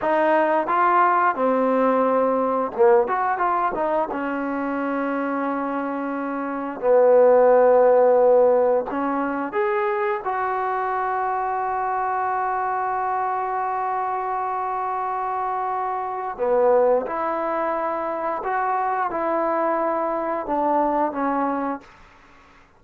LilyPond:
\new Staff \with { instrumentName = "trombone" } { \time 4/4 \tempo 4 = 88 dis'4 f'4 c'2 | ais8 fis'8 f'8 dis'8 cis'2~ | cis'2 b2~ | b4 cis'4 gis'4 fis'4~ |
fis'1~ | fis'1 | b4 e'2 fis'4 | e'2 d'4 cis'4 | }